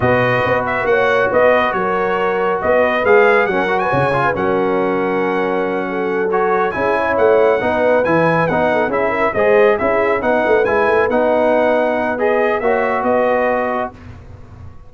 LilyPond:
<<
  \new Staff \with { instrumentName = "trumpet" } { \time 4/4 \tempo 4 = 138 dis''4. e''8 fis''4 dis''4 | cis''2 dis''4 f''4 | fis''8. gis''4~ gis''16 fis''2~ | fis''2~ fis''8 cis''4 gis''8~ |
gis''8 fis''2 gis''4 fis''8~ | fis''8 e''4 dis''4 e''4 fis''8~ | fis''8 gis''4 fis''2~ fis''8 | dis''4 e''4 dis''2 | }
  \new Staff \with { instrumentName = "horn" } { \time 4/4 b'2 cis''4 b'4 | ais'2 b'2 | ais'8. b'16 cis''8. b'16 ais'2~ | ais'4. a'2 gis'8 |
cis''4. b'2~ b'8 | a'8 gis'8 ais'8 c''4 gis'4 b'8~ | b'1~ | b'4 cis''4 b'2 | }
  \new Staff \with { instrumentName = "trombone" } { \time 4/4 fis'1~ | fis'2. gis'4 | cis'8 fis'4 f'8 cis'2~ | cis'2~ cis'8 fis'4 e'8~ |
e'4. dis'4 e'4 dis'8~ | dis'8 e'4 gis'4 e'4 dis'8~ | dis'8 e'4 dis'2~ dis'8 | gis'4 fis'2. | }
  \new Staff \with { instrumentName = "tuba" } { \time 4/4 b,4 b4 ais4 b4 | fis2 b4 gis4 | fis4 cis4 fis2~ | fis2.~ fis8 cis'8~ |
cis'8 a4 b4 e4 b8~ | b8 cis'4 gis4 cis'4 b8 | a8 gis8 a8 b2~ b8~ | b4 ais4 b2 | }
>>